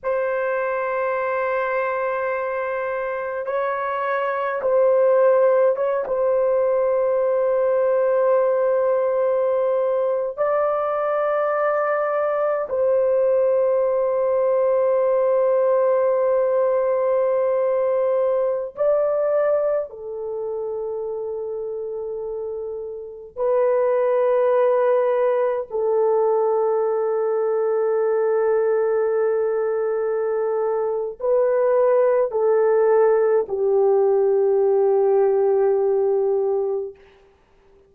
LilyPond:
\new Staff \with { instrumentName = "horn" } { \time 4/4 \tempo 4 = 52 c''2. cis''4 | c''4 cis''16 c''2~ c''8.~ | c''4 d''2 c''4~ | c''1~ |
c''16 d''4 a'2~ a'8.~ | a'16 b'2 a'4.~ a'16~ | a'2. b'4 | a'4 g'2. | }